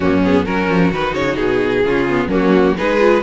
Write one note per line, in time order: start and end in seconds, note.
0.00 0.46 F#2
0.00 0.23 A#3
0.00 0.44 C#4
0.00 0.20 F#4
0.23 0.46 B3
0.23 0.45 G#4
0.44 0.68 F#3
0.44 0.92 C#4
0.44 1.83 F#4
0.44 0.91 A#4
0.68 0.91 F3
0.92 1.13 D#3
0.92 1.86 D#4
0.92 1.15 B4
1.13 1.37 C#3
1.13 1.36 C#5
1.36 1.84 B2
1.36 2.28 G#4
1.85 2.27 C#3
1.85 2.09 C#4
1.85 2.28 F4
2.09 2.29 B3
2.27 2.73 F#3
2.27 2.75 A#3
2.27 2.74 C#4
2.34 2.77 F#4
2.76 3.22 G#3
2.76 2.99 D#4
2.76 3.22 G#4
2.76 3.22 B4
2.99 3.22 F4